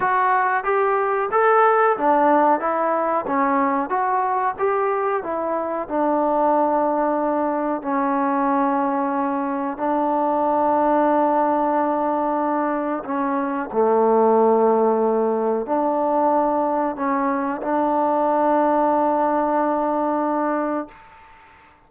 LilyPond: \new Staff \with { instrumentName = "trombone" } { \time 4/4 \tempo 4 = 92 fis'4 g'4 a'4 d'4 | e'4 cis'4 fis'4 g'4 | e'4 d'2. | cis'2. d'4~ |
d'1 | cis'4 a2. | d'2 cis'4 d'4~ | d'1 | }